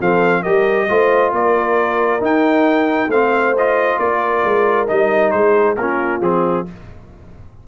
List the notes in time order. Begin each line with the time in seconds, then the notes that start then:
0.00 F3 C4 A4 F5
0.42 G3 G4 A#4 D#5
0.89 A3 F4 C5
1.32 A#3 A#4 D5
2.20 D#4 G5
3.08 A3 C4 C5 F5
3.57 F4 D#5
3.99 A#3 A#4 D5
4.45 G#3
4.87 G3 D#4 D#5
5.31 G#3 G#4 C5
5.76 A#3 C#4 F4 A#4
6.21 F3 C4 G#4